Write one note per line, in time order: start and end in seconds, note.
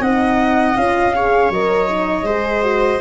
0.00 0.75 C4
0.00 0.76 D#4
0.00 1.14 D#5
0.00 0.76 F#5
0.76 1.50 C#4
0.76 1.14 F4
0.76 1.51 F5
1.15 1.52 G#4
1.15 2.26 C#5
1.50 2.23 F#3
1.50 1.88 A#4
1.50 3.01 D#5
1.88 2.25 D#4
2.23 2.98 G#3
2.23 2.62 G#4
2.23 3.01 C5
2.62 3.00 F#4